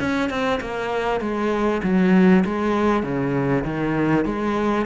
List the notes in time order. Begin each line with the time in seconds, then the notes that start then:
0.00 C#4
0.30 C4
0.61 A#3
1.21 G#3
1.83 F#3
2.45 G#3
3.03 C#3
3.64 D#3
4.25 G#3